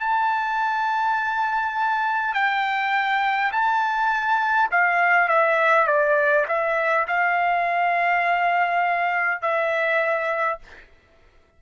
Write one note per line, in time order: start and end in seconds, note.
0.00 2.34 A5
2.34 3.51 G5
3.52 4.70 A5
4.71 5.28 F5
5.28 5.87 E5
5.87 6.46 D5
6.48 7.06 E5
7.07 9.41 F5
9.41 10.59 E5